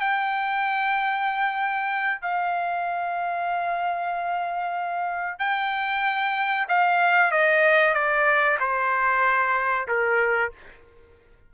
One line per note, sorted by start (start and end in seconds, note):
0.00 2.21 G5
2.21 5.39 F5
5.39 6.66 G5
6.68 7.31 F5
7.31 7.94 D#5
7.94 8.58 D5
8.59 9.87 C5
9.88 10.52 A#4